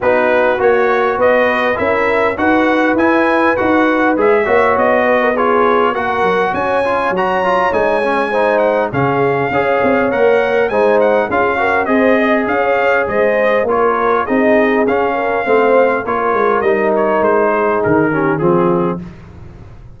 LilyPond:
<<
  \new Staff \with { instrumentName = "trumpet" } { \time 4/4 \tempo 4 = 101 b'4 cis''4 dis''4 e''4 | fis''4 gis''4 fis''4 e''4 | dis''4 cis''4 fis''4 gis''4 | ais''4 gis''4. fis''8 f''4~ |
f''4 fis''4 gis''8 fis''8 f''4 | dis''4 f''4 dis''4 cis''4 | dis''4 f''2 cis''4 | dis''8 cis''8 c''4 ais'4 gis'4 | }
  \new Staff \with { instrumentName = "horn" } { \time 4/4 fis'2 b'4 ais'4 | b'2.~ b'8 cis''8~ | cis''8 b'16 ais'16 gis'4 ais'4 cis''4~ | cis''2 c''4 gis'4 |
cis''2 c''4 gis'8 ais'8 | c''8 dis''8 cis''4 c''4 ais'4 | gis'4. ais'8 c''4 ais'4~ | ais'4. gis'4 g'8 f'4 | }
  \new Staff \with { instrumentName = "trombone" } { \time 4/4 dis'4 fis'2 e'4 | fis'4 e'4 fis'4 gis'8 fis'8~ | fis'4 f'4 fis'4. f'8 | fis'8 f'8 dis'8 cis'8 dis'4 cis'4 |
gis'4 ais'4 dis'4 f'8 fis'8 | gis'2. f'4 | dis'4 cis'4 c'4 f'4 | dis'2~ dis'8 cis'8 c'4 | }
  \new Staff \with { instrumentName = "tuba" } { \time 4/4 b4 ais4 b4 cis'4 | dis'4 e'4 dis'4 gis8 ais8 | b2 ais8 fis8 cis'4 | fis4 gis2 cis4 |
cis'8 c'8 ais4 gis4 cis'4 | c'4 cis'4 gis4 ais4 | c'4 cis'4 a4 ais8 gis8 | g4 gis4 dis4 f4 | }
>>